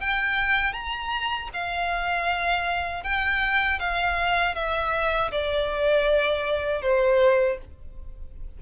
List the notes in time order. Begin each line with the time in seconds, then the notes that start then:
0.00 G5
0.72 A#5
1.53 F5
3.03 G5
3.79 F5
4.55 E5
5.31 D5
6.81 C5